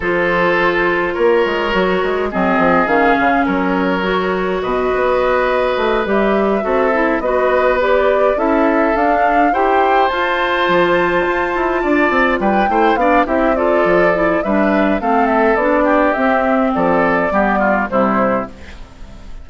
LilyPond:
<<
  \new Staff \with { instrumentName = "flute" } { \time 4/4 \tempo 4 = 104 c''2 cis''2 | dis''4 f''4 cis''2 | dis''2~ dis''8 e''4.~ | e''8 dis''4 d''4 e''4 f''8~ |
f''8 g''4 a''2~ a''8~ | a''4. g''4 f''8 e''8 d''8~ | d''4 e''4 f''8 e''8 d''4 | e''4 d''2 c''4 | }
  \new Staff \with { instrumentName = "oboe" } { \time 4/4 a'2 ais'2 | gis'2 ais'2 | b'2.~ b'8 a'8~ | a'8 b'2 a'4.~ |
a'8 c''2.~ c''8~ | c''8 d''4 b'8 c''8 d''8 g'8 a'8~ | a'4 b'4 a'4. g'8~ | g'4 a'4 g'8 f'8 e'4 | }
  \new Staff \with { instrumentName = "clarinet" } { \time 4/4 f'2. fis'4 | c'4 cis'2 fis'4~ | fis'2~ fis'8 g'4 fis'8 | e'8 fis'4 g'4 e'4 d'8~ |
d'8 g'4 f'2~ f'8~ | f'2 e'8 d'8 e'8 f'8~ | f'8 e'8 d'4 c'4 d'4 | c'2 b4 g4 | }
  \new Staff \with { instrumentName = "bassoon" } { \time 4/4 f2 ais8 gis8 fis8 gis8 | fis8 f8 dis8 cis8 fis2 | b,8 b4. a8 g4 c'8~ | c'8 b2 cis'4 d'8~ |
d'8 e'4 f'4 f4 f'8 | e'8 d'8 c'8 g8 a8 b8 c'4 | f4 g4 a4 b4 | c'4 f4 g4 c4 | }
>>